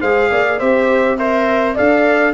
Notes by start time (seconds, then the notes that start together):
0.00 G#3 G#4 C5 F5
0.31 A#3 D5
0.59 C4 G4 C5 E5
1.18 A#4 C5 E5
1.75 D4 A4 D5 F5